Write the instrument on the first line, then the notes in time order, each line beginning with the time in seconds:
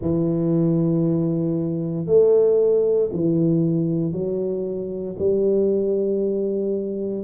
tuba
0.00 E3
2.06 A3
3.12 E3
4.12 F#3
5.19 G3